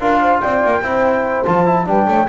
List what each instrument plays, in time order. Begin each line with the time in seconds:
0.00 double bass D4, trombone F4, horn A#4, flute F5
0.21 horn C5
0.41 double bass C4, horn D5, flute G5
0.65 double bass A#3
0.82 double bass C4, trombone E4, horn C5
1.45 double bass F3, trombone F4, flute A5
1.66 trombone E4
1.85 double bass G3, trombone D4, horn B4, flute G5
2.07 double bass A3, horn C#5